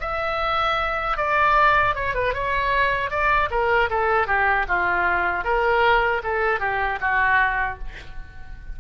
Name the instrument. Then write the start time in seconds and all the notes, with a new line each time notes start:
oboe
0.00 E5
1.17 D5
1.95 C#5
2.15 B4
2.34 C#5
3.10 D5
3.50 A#4
3.90 A4
4.27 G4
4.68 F4
5.44 A#4
6.23 A4
6.60 G4
7.01 F#4